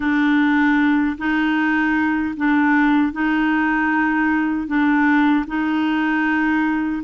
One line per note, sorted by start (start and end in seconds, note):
0.00 1.17 D4
1.18 2.34 D#4
2.36 3.12 D4
3.12 4.67 D#4
4.67 5.45 D4
5.47 7.03 D#4